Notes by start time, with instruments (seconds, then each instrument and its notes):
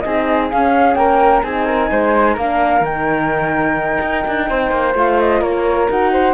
0.00 cello C4, horn D#4, flute G#4 D#5
0.51 horn C#4, cello C#4, flute F5
0.94 cello A#3, flute A#4 G5
1.43 cello C4, horn D#4, flute G#4 G#5
1.65 flute A#4
1.91 cello G#3, flute C5
2.34 cello A#3, horn D4, flute A#4 F5
2.81 cello D#3, horn D#4, flute G5
4.01 cello D#4
4.27 cello D4
4.49 cello C4, flute C5
4.71 cello A#3
4.94 cello A3, horn F4, flute F5
5.19 flute D#5
5.40 cello A#3, flute A#4 C#5
5.88 cello D#4, horn F#4, flute F#5
6.13 flute C5